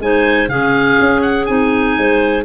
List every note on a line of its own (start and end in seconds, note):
0.00 0.48 G#3
0.00 0.48 D#4
0.00 0.50 C5
0.00 0.49 G#5
0.48 0.97 C#3
0.48 1.47 C#4
0.48 1.98 G#4
0.48 1.21 F5
1.00 1.49 C#4
1.21 1.46 F#5
1.46 1.98 C4
1.46 2.44 D#4
1.46 2.44 G#5
1.98 2.44 G#3
1.98 2.44 C5